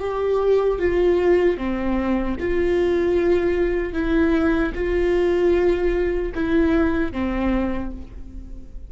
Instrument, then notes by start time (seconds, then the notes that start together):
viola
0.00 G4
0.79 F4
1.58 C4
2.40 F4
3.93 E4
4.75 F4
6.34 E4
7.12 C4